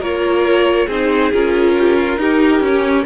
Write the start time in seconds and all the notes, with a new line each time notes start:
0.00 A#3 F4 A#4 C#5
0.87 C4 D#4 G#4 C5
1.34 C#4 F4 A#4
1.79 G4
1.97 F4
2.18 D#4 G4
2.61 C#4